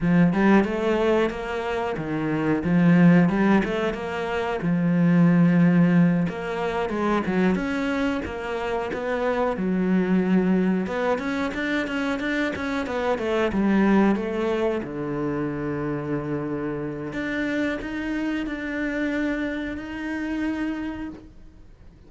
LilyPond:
\new Staff \with { instrumentName = "cello" } { \time 4/4 \tempo 4 = 91 f8 g8 a4 ais4 dis4 | f4 g8 a8 ais4 f4~ | f4. ais4 gis8 fis8 cis'8~ | cis'8 ais4 b4 fis4.~ |
fis8 b8 cis'8 d'8 cis'8 d'8 cis'8 b8 | a8 g4 a4 d4.~ | d2 d'4 dis'4 | d'2 dis'2 | }